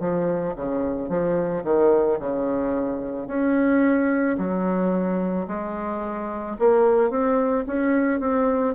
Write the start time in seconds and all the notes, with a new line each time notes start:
0.00 F3
0.56 C#3
1.09 F3
1.64 D#3
2.20 C#3
3.28 C#4
4.38 F#3
5.48 G#3
6.59 A#3
7.11 C4
7.67 C#4
8.20 C4